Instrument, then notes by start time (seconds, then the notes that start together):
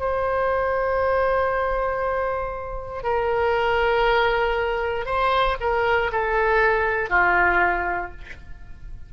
oboe
0.00 C5
3.04 A#4
5.06 C5
5.61 A#4
6.12 A4
7.10 F4